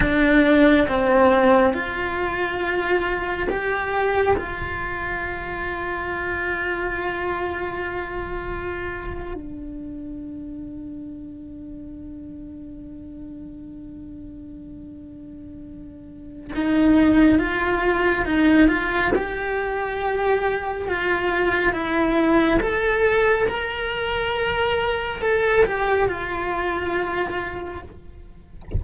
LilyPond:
\new Staff \with { instrumentName = "cello" } { \time 4/4 \tempo 4 = 69 d'4 c'4 f'2 | g'4 f'2.~ | f'2~ f'8. d'4~ d'16~ | d'1~ |
d'2. dis'4 | f'4 dis'8 f'8 g'2 | f'4 e'4 a'4 ais'4~ | ais'4 a'8 g'8 f'2 | }